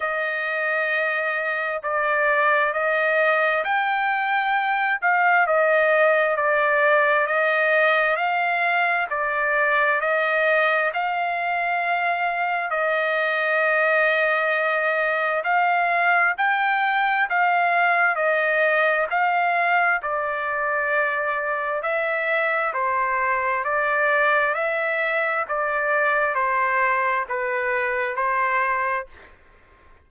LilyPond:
\new Staff \with { instrumentName = "trumpet" } { \time 4/4 \tempo 4 = 66 dis''2 d''4 dis''4 | g''4. f''8 dis''4 d''4 | dis''4 f''4 d''4 dis''4 | f''2 dis''2~ |
dis''4 f''4 g''4 f''4 | dis''4 f''4 d''2 | e''4 c''4 d''4 e''4 | d''4 c''4 b'4 c''4 | }